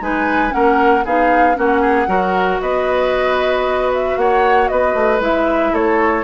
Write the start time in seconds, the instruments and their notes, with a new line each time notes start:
0.00 bassoon G#3, clarinet D#4, oboe B4, flute G#5
0.50 bassoon A#3, clarinet C#4, oboe A#4, flute F#5
1.04 bassoon B3, clarinet D#4, oboe G#4, flute F5
1.54 bassoon A#3, clarinet C#4, oboe F#4, flute F#5
1.81 oboe G#4
2.07 bassoon F#3, clarinet F#4, oboe A#4
2.61 bassoon B3, oboe B4, flute D#5
3.93 flute E5
4.17 bassoon A#3, oboe C#5, flute F#5
4.68 bassoon B3, oboe B4, flute D#5
4.94 bassoon A3
5.20 bassoon G#3, clarinet E4, flute E5
5.72 bassoon A3, oboe A4, flute C#5